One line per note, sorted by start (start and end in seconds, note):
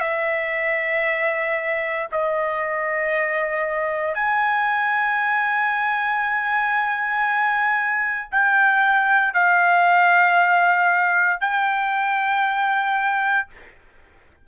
0.00 2.07 E5
2.12 4.14 D#5
4.14 8.28 G#5
8.31 9.34 G5
9.34 11.40 F5
11.40 13.47 G5